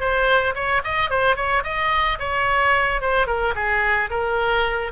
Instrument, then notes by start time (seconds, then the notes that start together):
oboe
0.00 C5
0.55 C#5
0.84 D#5
1.10 C5
1.36 C#5
1.64 D#5
2.19 C#5
3.01 C5
3.27 A#4
3.55 G#4
4.10 A#4